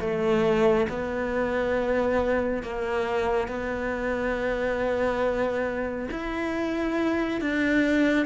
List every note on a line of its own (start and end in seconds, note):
0.00 0.87 A3
0.89 2.63 B3
2.63 3.48 A#3
3.48 6.09 B3
6.11 7.41 E4
7.41 8.26 D4